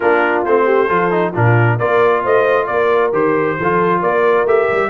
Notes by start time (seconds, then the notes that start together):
0.00 A#3 D4 F4 A#4
0.45 A3 C4 C5
0.65 G4
0.87 F3 F4 A4
1.11 D#4
1.33 A#2 D4 F4 A#4
1.77 A#3 F4 A#4 D5
2.23 A3 C5 D#5
2.66 A#3 A#4 D5
3.12 D#3 G4 C5
3.58 F3 F4 A4
4.00 A#3 A#4 D5
4.45 A3 G4 E5
4.71 G3